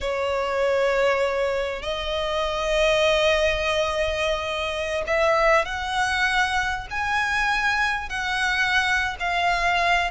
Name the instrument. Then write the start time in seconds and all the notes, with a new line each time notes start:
violin
0.00 C#5
1.82 D#5
5.06 E5
5.65 F#5
6.90 G#5
8.09 F#5
9.19 F5